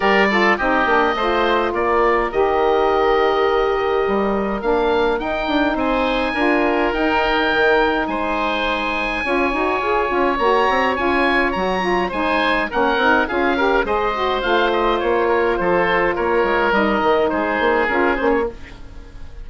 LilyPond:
<<
  \new Staff \with { instrumentName = "oboe" } { \time 4/4 \tempo 4 = 104 d''4 dis''2 d''4 | dis''1 | f''4 g''4 gis''2 | g''2 gis''2~ |
gis''2 ais''4 gis''4 | ais''4 gis''4 fis''4 f''4 | dis''4 f''8 dis''8 cis''4 c''4 | cis''4 dis''4 c''4 ais'8 c''16 cis''16 | }
  \new Staff \with { instrumentName = "oboe" } { \time 4/4 ais'8 a'8 g'4 c''4 ais'4~ | ais'1~ | ais'2 c''4 ais'4~ | ais'2 c''2 |
cis''1~ | cis''4 c''4 ais'4 gis'8 ais'8 | c''2~ c''8 ais'8 a'4 | ais'2 gis'2 | }
  \new Staff \with { instrumentName = "saxophone" } { \time 4/4 g'8 f'8 dis'8 d'8 f'2 | g'1 | d'4 dis'2 f'4 | dis'1 |
f'8 fis'8 gis'8 f'8 fis'4 f'4 | fis'8 f'8 dis'4 cis'8 dis'8 f'8 g'8 | gis'8 fis'8 f'2.~ | f'4 dis'2 f'8 cis'8 | }
  \new Staff \with { instrumentName = "bassoon" } { \time 4/4 g4 c'8 ais8 a4 ais4 | dis2. g4 | ais4 dis'8 d'8 c'4 d'4 | dis'4 dis4 gis2 |
cis'8 dis'8 f'8 cis'8 ais8 c'8 cis'4 | fis4 gis4 ais8 c'8 cis'4 | gis4 a4 ais4 f4 | ais8 gis8 g8 dis8 gis8 ais8 cis'8 ais8 | }
>>